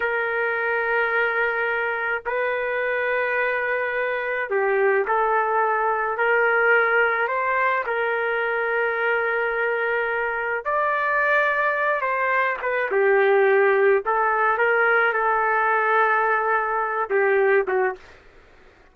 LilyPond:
\new Staff \with { instrumentName = "trumpet" } { \time 4/4 \tempo 4 = 107 ais'1 | b'1 | g'4 a'2 ais'4~ | ais'4 c''4 ais'2~ |
ais'2. d''4~ | d''4. c''4 b'8 g'4~ | g'4 a'4 ais'4 a'4~ | a'2~ a'8 g'4 fis'8 | }